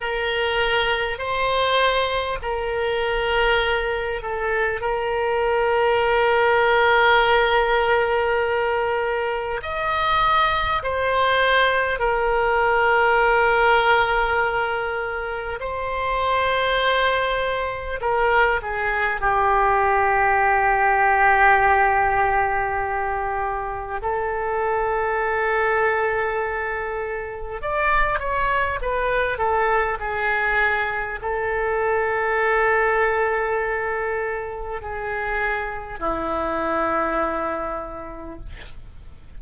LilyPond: \new Staff \with { instrumentName = "oboe" } { \time 4/4 \tempo 4 = 50 ais'4 c''4 ais'4. a'8 | ais'1 | dis''4 c''4 ais'2~ | ais'4 c''2 ais'8 gis'8 |
g'1 | a'2. d''8 cis''8 | b'8 a'8 gis'4 a'2~ | a'4 gis'4 e'2 | }